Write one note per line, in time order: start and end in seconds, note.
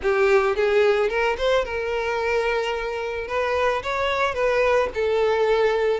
0.02 0.56 G4
0.56 1.09 G#4
1.09 1.36 A#4
1.37 1.64 C5
1.64 3.27 A#4
3.27 3.82 B4
3.82 4.34 C#5
4.34 4.89 B4
4.94 6.00 A4